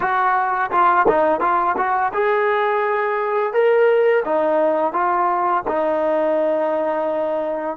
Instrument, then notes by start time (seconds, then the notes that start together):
trombone
0.00 F#4
0.71 F4
1.07 D#4
1.40 F4
1.77 F#4
2.13 G#4
3.53 A#4
4.25 D#4
4.92 F4
5.67 D#4